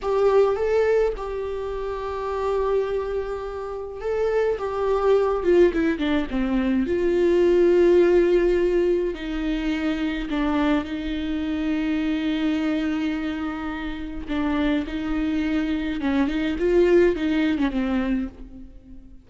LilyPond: \new Staff \with { instrumentName = "viola" } { \time 4/4 \tempo 4 = 105 g'4 a'4 g'2~ | g'2. a'4 | g'4. f'8 e'8 d'8 c'4 | f'1 |
dis'2 d'4 dis'4~ | dis'1~ | dis'4 d'4 dis'2 | cis'8 dis'8 f'4 dis'8. cis'16 c'4 | }